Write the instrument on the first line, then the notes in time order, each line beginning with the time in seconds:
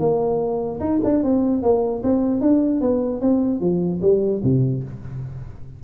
tuba
0.00 A#3
0.81 D#4
1.05 D4
1.24 C4
1.63 A#3
2.04 C4
2.41 D4
2.81 B3
3.21 C4
3.61 F3
4.02 G3
4.44 C3